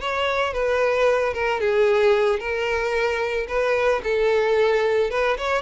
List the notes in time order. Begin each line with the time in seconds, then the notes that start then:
0.00 C#5
0.53 B4
1.33 A#4
1.60 G#4
2.39 A#4
3.48 B4
4.03 A4
5.10 B4
5.37 C#5